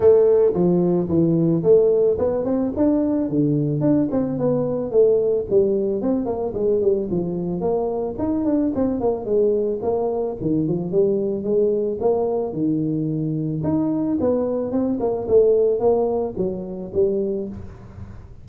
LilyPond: \new Staff \with { instrumentName = "tuba" } { \time 4/4 \tempo 4 = 110 a4 f4 e4 a4 | b8 c'8 d'4 d4 d'8 c'8 | b4 a4 g4 c'8 ais8 | gis8 g8 f4 ais4 dis'8 d'8 |
c'8 ais8 gis4 ais4 dis8 f8 | g4 gis4 ais4 dis4~ | dis4 dis'4 b4 c'8 ais8 | a4 ais4 fis4 g4 | }